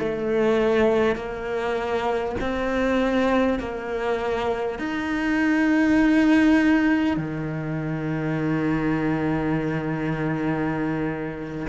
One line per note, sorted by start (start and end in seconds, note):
0.00 1.16 A3
1.16 2.36 A#3
2.41 3.59 C4
3.59 4.79 A#3
4.79 7.17 D#4
7.17 11.67 D#3